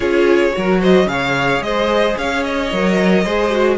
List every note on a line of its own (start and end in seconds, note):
0.00 0.52 C#4
0.00 0.51 F4
0.00 0.53 G#4
0.00 0.81 C#5
0.52 1.05 F#3
0.52 1.06 F#4
0.52 0.80 A#4
0.80 1.07 C5
0.80 1.08 D#5
1.05 1.59 C#3
1.05 2.69 G#4
1.05 1.62 F5
1.11 1.65 C#5
1.60 2.15 G#3
1.60 2.18 C5
1.60 2.16 D#5
2.17 2.72 C#4
2.17 3.23 C#5
2.17 2.43 F5
2.43 3.77 D#5
2.72 3.25 F#3
2.72 3.25 A#4
3.23 3.77 G#3
3.23 3.50 G#4
3.23 3.77 C5
3.50 3.77 F#4